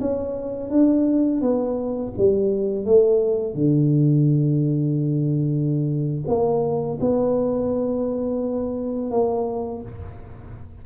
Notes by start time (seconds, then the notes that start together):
0.00 C#4
0.69 D4
1.41 B3
2.18 G3
2.85 A3
3.54 D3
6.27 A#3
7.00 B3
9.10 A#3